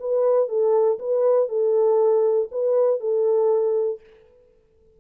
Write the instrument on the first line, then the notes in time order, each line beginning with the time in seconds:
horn
0.00 B4
0.49 A4
0.99 B4
1.49 A4
2.52 B4
3.00 A4